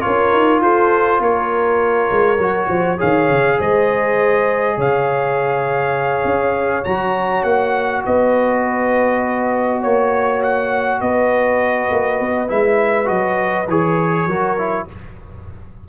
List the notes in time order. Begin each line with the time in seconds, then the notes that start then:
0.00 C#4 F4 A#4 C#5
0.33 D#4
0.61 F4 A4 C5
1.20 A#3 A#4 C#5
2.11 G#3
2.38 F#3 F#4
2.68 F3 C5
2.97 D#3 G#4 C#5 F5
3.29 C#3
3.58 G#3 C5 D#5
4.77 C#3 C#5 F5
6.24 C#4
6.84 F#3 F#4 A#5
7.43 A#3 F#5
8.05 B3 B4 D#5
9.80 A#3 C#5
10.43 F#5
11.01 B3 B4 D#5
11.91 A#3
12.20 B3
12.48 G#3 E4 E5
13.05 F#3 F#4 D#5
13.68 E3 G#4 C#5
14.26 F#3 F#4 A#4
14.58 E4